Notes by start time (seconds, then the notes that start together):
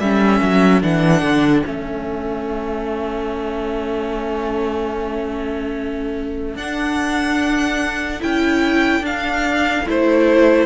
0.00 G3 C#4 A4 E5
0.42 F#3
0.82 E3 D4 F#5
1.22 D3
1.65 A3 C#4 E5
6.56 D4 F#5
8.21 C#4 E4 G5
9.01 D4 F5
9.87 A3 E4 C5